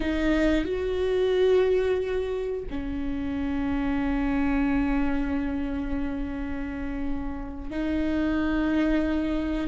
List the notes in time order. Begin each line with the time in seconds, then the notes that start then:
0.00 D#4
0.65 F#4
2.70 C#4
7.70 D#4